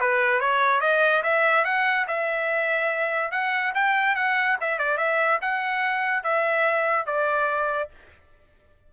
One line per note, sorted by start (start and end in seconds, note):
0.00 0.40 B4
0.40 0.80 C#5
0.80 1.22 D#5
1.23 1.64 E5
1.64 2.06 F#5
2.07 3.31 E5
3.31 3.73 F#5
3.74 4.15 G5
4.15 4.57 F#5
4.60 4.78 E5
4.78 4.97 D5
4.97 5.38 E5
5.41 6.23 F#5
6.23 7.06 E5
7.06 7.89 D5